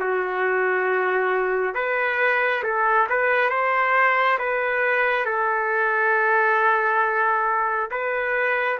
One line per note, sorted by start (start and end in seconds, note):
0.00 1.75 F#4
1.75 2.63 B4
2.64 3.08 A4
3.10 3.50 B4
3.50 4.38 C5
4.39 5.25 B4
5.25 7.90 A4
7.91 8.79 B4